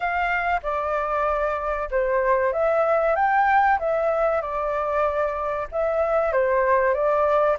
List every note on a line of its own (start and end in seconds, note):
0.00 0.61 F5
0.63 1.89 D5
1.90 2.52 C5
2.52 3.16 E5
3.16 3.79 G5
3.79 4.41 E5
4.41 5.67 D5
5.71 6.32 E5
6.32 6.93 C5
6.93 7.56 D5